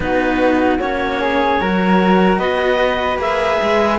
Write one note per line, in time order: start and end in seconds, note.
0.00 0.79 B3
0.00 0.79 D#4
0.00 1.21 F#4
0.00 0.79 B4
0.79 1.60 A#3
0.79 1.60 C#4
0.79 2.38 C#5
1.21 1.60 G#4
1.60 2.38 F#3
1.60 3.19 F#4
1.60 2.38 A#4
2.38 3.17 B3
2.38 3.98 B4
2.38 3.18 D#5
3.17 3.57 A#3
3.17 3.99 G#4
3.17 3.99 E5
3.62 3.99 G#3